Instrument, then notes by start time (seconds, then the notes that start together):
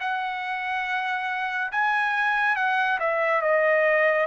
trumpet
0.00 F#5
1.72 G#5
2.56 F#5
3.00 E5
3.41 D#5